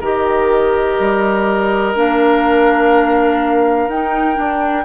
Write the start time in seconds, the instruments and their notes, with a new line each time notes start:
0.00 bassoon D#3, clarinet G4, oboe A#4, flute D#5
0.99 bassoon G3
1.95 bassoon A#3, clarinet D4, flute F5
3.87 bassoon D#4, clarinet D#4, flute G5
4.34 clarinet D4, bassoon D4